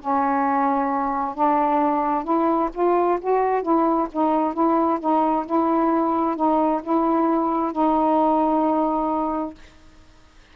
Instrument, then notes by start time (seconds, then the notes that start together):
saxophone
0.00 C#4
1.35 D4
2.24 E4
2.73 F4
3.21 F#4
3.62 E4
4.12 D#4
4.54 E4
5.00 D#4
5.46 E4
6.36 D#4
6.83 E4
7.72 D#4